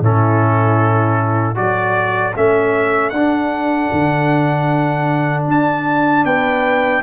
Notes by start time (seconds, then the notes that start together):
0.00 A2 C#4 E4 A4
1.54 F#3 F#4 A4 D5
2.36 A3 C#4 E5
3.09 D4 F#5
3.16 D4
3.92 D3
5.47 D4 A5
6.24 B3 B4 G5